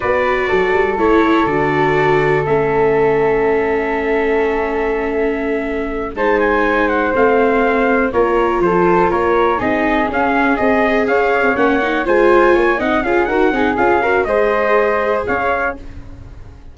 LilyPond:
<<
  \new Staff \with { instrumentName = "trumpet" } { \time 4/4 \tempo 4 = 122 d''2 cis''4 d''4~ | d''4 e''2.~ | e''1~ | e''8 a''8 gis''4 fis''8 f''4.~ |
f''8 cis''4 c''4 cis''4 dis''8~ | dis''8 f''4 dis''4 f''4 fis''8~ | fis''8 gis''4. fis''8 f''8 fis''4 | f''4 dis''2 f''4 | }
  \new Staff \with { instrumentName = "flute" } { \time 4/4 b'4 a'2.~ | a'1~ | a'1~ | a'8 c''2.~ c''8~ |
c''8 ais'4 a'4 ais'4 gis'8~ | gis'2~ gis'8 cis''4.~ | cis''8 c''4 cis''8 dis''8 gis'8 ais'8 gis'8~ | gis'8 ais'8 c''2 cis''4 | }
  \new Staff \with { instrumentName = "viola" } { \time 4/4 fis'2 e'4 fis'4~ | fis'4 cis'2.~ | cis'1~ | cis'8 dis'2 c'4.~ |
c'8 f'2. dis'8~ | dis'8 cis'4 gis'2 cis'8 | dis'8 f'4. dis'8 f'8 fis'8 dis'8 | f'8 fis'8 gis'2. | }
  \new Staff \with { instrumentName = "tuba" } { \time 4/4 b4 fis8 g8 a4 d4~ | d4 a2.~ | a1~ | a8 gis2 a4.~ |
a8 ais4 f4 ais4 c'8~ | c'8 cis'4 c'4 cis'8. c'16 ais8~ | ais8 gis4 ais8 c'8 cis'8 dis'8 c'8 | cis'4 gis2 cis'4 | }
>>